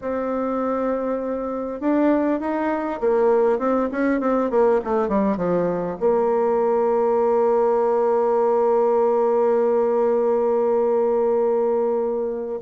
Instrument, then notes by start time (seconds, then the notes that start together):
bassoon
0.01 C4
1.80 D4
2.39 D#4
3.00 A#3
3.58 C4
3.91 C#4
4.20 C4
4.50 A#3
4.84 A3
5.08 G3
5.36 F3
6.00 A#3